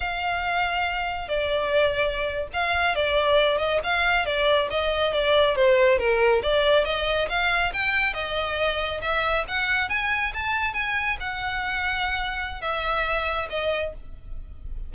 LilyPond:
\new Staff \with { instrumentName = "violin" } { \time 4/4 \tempo 4 = 138 f''2. d''4~ | d''4.~ d''16 f''4 d''4~ d''16~ | d''16 dis''8 f''4 d''4 dis''4 d''16~ | d''8. c''4 ais'4 d''4 dis''16~ |
dis''8. f''4 g''4 dis''4~ dis''16~ | dis''8. e''4 fis''4 gis''4 a''16~ | a''8. gis''4 fis''2~ fis''16~ | fis''4 e''2 dis''4 | }